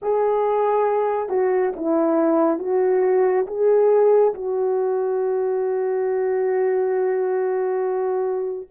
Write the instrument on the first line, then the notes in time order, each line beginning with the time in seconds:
horn
0.02 G#4
1.29 F#4
1.75 E4
2.58 F#4
3.46 G#4
4.34 F#4